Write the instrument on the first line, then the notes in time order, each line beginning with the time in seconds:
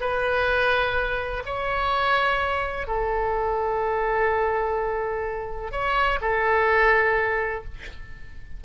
oboe
0.00 B4
1.45 C#5
2.87 A4
5.71 C#5
6.21 A4